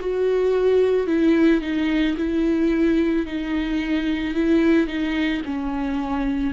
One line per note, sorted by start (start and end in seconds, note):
0.00 1.07 F#4
1.07 1.61 E4
1.61 2.16 D#4
2.17 3.26 E4
3.26 4.34 D#4
4.34 4.87 E4
4.87 5.41 D#4
5.45 6.53 C#4